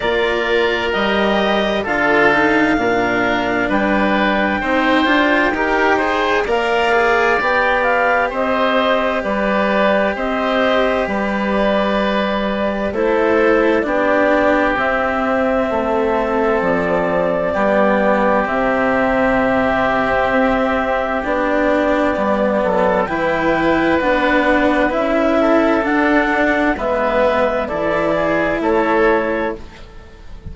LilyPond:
<<
  \new Staff \with { instrumentName = "clarinet" } { \time 4/4 \tempo 4 = 65 d''4 dis''4 f''2 | g''2. f''4 | g''8 f''8 dis''4 d''4 dis''4 | d''2 c''4 d''4 |
e''2 d''2 | e''2. d''4~ | d''4 g''4 fis''4 e''4 | fis''4 e''4 d''4 cis''4 | }
  \new Staff \with { instrumentName = "oboe" } { \time 4/4 ais'2 a'4 ais'4 | b'4 c''4 ais'8 c''8 d''4~ | d''4 c''4 b'4 c''4 | b'2 a'4 g'4~ |
g'4 a'2 g'4~ | g'1~ | g'8 a'8 b'2~ b'8 a'8~ | a'4 b'4 a'8 gis'8 a'4 | }
  \new Staff \with { instrumentName = "cello" } { \time 4/4 f'4 g'4 f'8 dis'8 d'4~ | d'4 dis'8 f'8 g'8 gis'8 ais'8 gis'8 | g'1~ | g'2 e'4 d'4 |
c'2. b4 | c'2. d'4 | b4 e'4 d'4 e'4 | d'4 b4 e'2 | }
  \new Staff \with { instrumentName = "bassoon" } { \time 4/4 ais4 g4 d4 ais,4 | g4 c'8 d'8 dis'4 ais4 | b4 c'4 g4 c'4 | g2 a4 b4 |
c'4 a4 f4 g4 | c2 c'4 b4 | g8 fis8 e4 b4 cis'4 | d'4 gis4 e4 a4 | }
>>